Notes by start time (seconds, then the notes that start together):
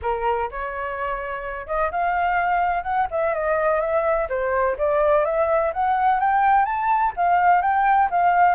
0.02 A#4
0.50 C#5
1.66 D#5
1.91 F5
2.83 F#5
3.10 E5
3.34 D#5
3.80 E5
4.29 C5
4.78 D5
5.24 E5
5.73 F#5
6.20 G5
6.65 A5
7.16 F5
7.61 G5
8.10 F5